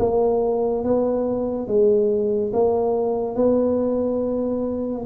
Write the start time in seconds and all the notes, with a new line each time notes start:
0.00 A#3
0.85 B3
1.68 G#3
2.54 A#3
3.36 B3